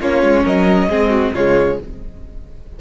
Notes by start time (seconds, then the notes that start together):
0.00 A#3 C#4 F4 C#5
0.22 G#3
0.43 F#3 A#4 D#5
0.88 G#3 C4 G#4
1.10 F#4
1.34 C#3 G#3 F4 C#5